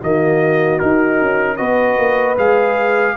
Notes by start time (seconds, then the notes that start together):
0.00 D#3 A#3 F#4 D#5
0.79 D#4 A#4
1.21 C#4
1.56 B3 F#4 B4 D#5
1.97 A#3
2.37 G#3 G#4 F5